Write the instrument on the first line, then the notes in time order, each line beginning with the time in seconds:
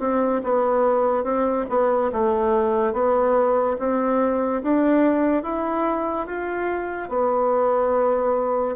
bassoon
0.00 C4
0.43 B3
1.24 C4
1.69 B3
2.12 A3
2.93 B3
3.79 C4
4.62 D4
5.43 E4
6.27 F4
7.09 B3